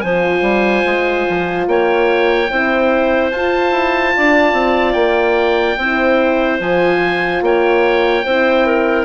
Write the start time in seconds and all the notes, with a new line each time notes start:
0.00 F3 F4 C5 G#5
0.42 G3
0.85 G#3
1.29 F3
1.67 A#3 C#5 G5
2.50 C4 E4 C5
3.32 F4 A5
3.71 E4
4.16 D4 D5
4.53 C4
4.93 A#3 G5
5.77 C4 E4 C5
6.60 F3 F4 G#5
7.42 A#3 C#5 G5
8.25 C4 E4 C5
8.66 A#4